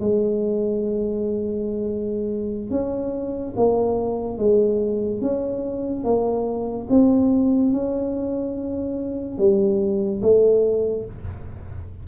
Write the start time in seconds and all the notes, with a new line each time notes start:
0.00 G#3
2.70 C#4
3.56 A#3
4.38 G#3
5.21 C#4
6.04 A#3
6.89 C4
7.72 C#4
9.38 G3
10.22 A3